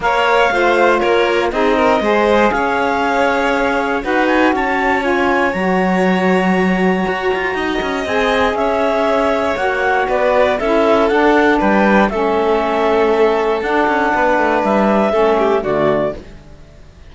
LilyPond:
<<
  \new Staff \with { instrumentName = "clarinet" } { \time 4/4 \tempo 4 = 119 f''2 cis''4 dis''4~ | dis''4 f''2. | fis''8 gis''8 a''4 gis''4 ais''4~ | ais''1 |
gis''4 e''2 fis''4 | d''4 e''4 fis''4 g''4 | e''2. fis''4~ | fis''4 e''2 d''4 | }
  \new Staff \with { instrumentName = "violin" } { \time 4/4 cis''4 c''4 ais'4 gis'8 ais'8 | c''4 cis''2. | b'4 cis''2.~ | cis''2. dis''4~ |
dis''4 cis''2. | b'4 a'2 b'4 | a'1 | b'2 a'8 g'8 fis'4 | }
  \new Staff \with { instrumentName = "saxophone" } { \time 4/4 ais'4 f'2 dis'4 | gis'1 | fis'2 f'4 fis'4~ | fis'1 |
gis'2. fis'4~ | fis'4 e'4 d'2 | cis'2. d'4~ | d'2 cis'4 a4 | }
  \new Staff \with { instrumentName = "cello" } { \time 4/4 ais4 a4 ais4 c'4 | gis4 cis'2. | dis'4 cis'2 fis4~ | fis2 fis'8 f'8 dis'8 cis'8 |
c'4 cis'2 ais4 | b4 cis'4 d'4 g4 | a2. d'8 cis'8 | b8 a8 g4 a4 d4 | }
>>